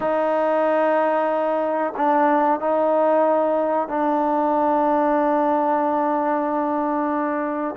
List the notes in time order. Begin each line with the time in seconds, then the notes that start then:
0.00 D#4
1.96 D4
2.60 D#4
3.88 D4